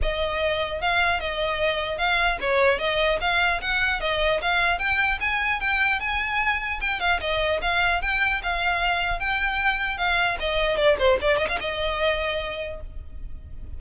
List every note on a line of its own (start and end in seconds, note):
0.02 0.81 D#5
0.81 1.19 F5
1.19 1.97 D#5
1.97 2.37 F5
2.40 2.79 C#5
2.79 3.19 D#5
3.21 3.61 F5
3.61 4.00 F#5
4.00 4.40 D#5
4.41 4.79 F5
4.79 5.19 G5
5.20 5.60 G#5
5.60 6.00 G5
6.00 6.80 G#5
6.81 6.99 G5
6.99 7.19 F5
7.20 7.60 D#5
7.61 8.01 F5
8.01 8.41 G5
8.42 9.19 F5
9.19 9.97 G5
9.97 10.37 F5
10.39 10.76 D#5
10.76 10.96 D5
10.98 11.18 C5
11.21 11.37 D5
11.37 11.47 D#5
11.48 11.58 F5
11.60 12.80 D#5